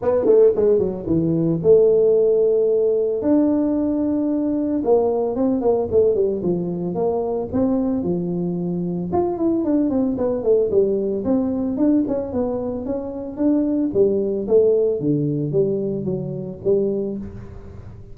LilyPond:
\new Staff \with { instrumentName = "tuba" } { \time 4/4 \tempo 4 = 112 b8 a8 gis8 fis8 e4 a4~ | a2 d'2~ | d'4 ais4 c'8 ais8 a8 g8 | f4 ais4 c'4 f4~ |
f4 f'8 e'8 d'8 c'8 b8 a8 | g4 c'4 d'8 cis'8 b4 | cis'4 d'4 g4 a4 | d4 g4 fis4 g4 | }